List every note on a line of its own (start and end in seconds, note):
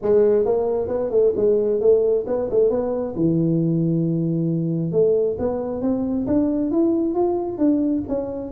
0.02 0.45 G#3
0.45 0.88 A#3
0.88 1.10 B3
1.10 1.32 A3
1.36 1.80 G#3
1.80 2.25 A3
2.26 2.49 B3
2.50 2.70 A3
2.70 3.14 B3
3.15 4.92 E3
4.92 5.36 A3
5.39 5.81 B3
5.81 6.26 C4
6.26 6.71 D4
6.71 7.14 E4
7.14 7.58 F4
7.58 8.02 D4
8.08 8.51 C#4